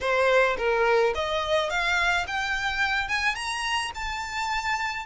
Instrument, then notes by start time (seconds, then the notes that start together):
violin
0.01 C5
0.57 A#4
1.14 D#5
1.69 F5
2.27 G5
3.08 G#5
3.35 A#5
3.94 A5